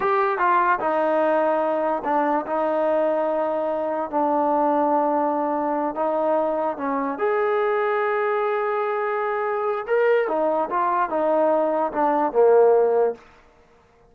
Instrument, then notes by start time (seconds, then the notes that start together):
trombone
0.00 G4
0.38 F4
0.79 D#4
2.04 D4
2.46 D#4
4.10 D4
5.95 D#4
6.77 C#4
7.18 G#4
9.87 A#4
10.28 D#4
10.70 F4
11.09 D#4
11.92 D4
12.32 A#3